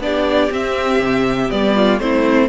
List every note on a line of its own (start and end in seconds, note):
0.00 0.50 B3
0.00 0.51 D4
0.00 1.75 G4
0.00 0.53 D5
0.51 1.00 C4
0.51 1.49 C4
0.51 1.51 E5
1.00 1.49 C3
1.49 2.00 G3
1.49 1.99 B3
1.49 2.00 D5
1.75 2.00 F4
2.00 2.49 A3
2.00 2.49 C4
2.00 2.49 E4
2.00 2.49 C5